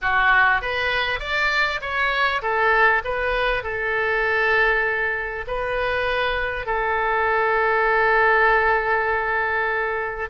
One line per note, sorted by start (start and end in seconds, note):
0.01 0.61 F#4
0.61 1.19 B4
1.19 1.80 D5
1.81 2.41 C#5
2.42 3.02 A4
3.04 3.63 B4
3.63 5.45 A4
5.47 6.66 B4
6.66 10.29 A4